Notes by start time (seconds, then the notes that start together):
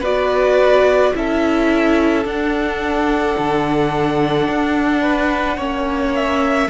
0.00 B3 F#4 B4 D5
1.14 C#4 E4 A4 E5
2.24 D4 F#5
3.38 D3
4.48 D4
5.02 B4
5.57 A#3 C#4 C#5
6.15 E5